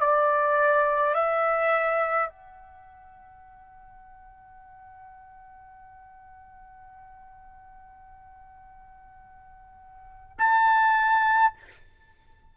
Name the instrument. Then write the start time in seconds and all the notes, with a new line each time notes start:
trumpet
0.00 D5
1.14 E5
2.29 F#5
10.38 A5